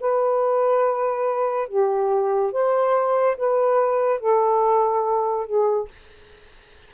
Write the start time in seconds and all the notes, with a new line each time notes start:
0.00 B4
1.68 G4
2.52 C5
3.37 B4
4.19 A4
5.46 G#4